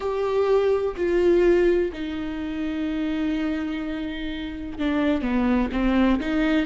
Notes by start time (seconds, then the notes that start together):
0.00 G4
0.96 F4
1.93 D#4
4.78 D4
5.21 B3
5.71 C4
6.19 D#4